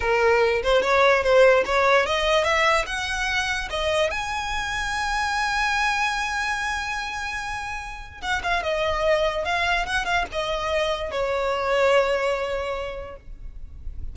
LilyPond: \new Staff \with { instrumentName = "violin" } { \time 4/4 \tempo 4 = 146 ais'4. c''8 cis''4 c''4 | cis''4 dis''4 e''4 fis''4~ | fis''4 dis''4 gis''2~ | gis''1~ |
gis''1 | fis''8 f''8 dis''2 f''4 | fis''8 f''8 dis''2 cis''4~ | cis''1 | }